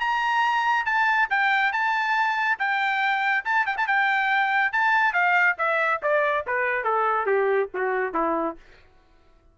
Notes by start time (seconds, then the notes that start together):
0.00 A#5
0.85 A5
1.30 G5
1.72 A5
2.59 G5
3.45 A5
3.66 G5
3.77 A5
3.87 G5
4.72 A5
5.13 F5
5.58 E5
6.02 D5
6.47 B4
6.84 A4
7.26 G4
7.74 F#4
8.14 E4